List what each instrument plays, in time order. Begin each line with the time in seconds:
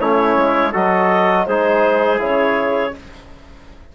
0.00 bassoon A3, trombone C#4, trumpet E4, clarinet C#5
0.37 bassoon G#3
0.73 bassoon F#3, trombone F#4, trumpet A4, clarinet D#5
1.46 bassoon G#3, trombone D#4, trumpet G#4, clarinet C5
2.18 bassoon C#3, trombone E4, clarinet C#5